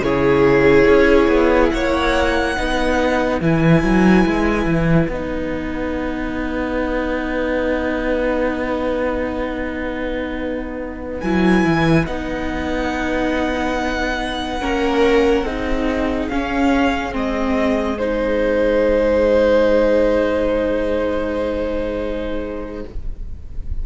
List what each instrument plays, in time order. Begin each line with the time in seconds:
0.00 cello C#3, viola E4, violin G#4 C#5
0.87 cello C#4
1.27 cello B3
1.69 cello A#3, violin C#5 F#5
2.56 cello B3, viola D#4, violin B4
3.41 cello E3, viola E4, violin G#5
3.83 cello F#3
4.25 cello G#3
4.65 cello E3
5.07 cello B3, viola D#4, violin F#5
11.20 cello F#3, viola E4, violin G#5
11.64 cello E3
12.06 cello B3, viola D#4, violin F#5
14.60 cello A#3, viola C#4, violin A#4
15.43 cello C4, viola D#4, violin G#4
16.28 cello C#4, viola C#4, violin F5
17.12 cello G#3, viola C4, violin D#5
17.98 viola D#4, violin C5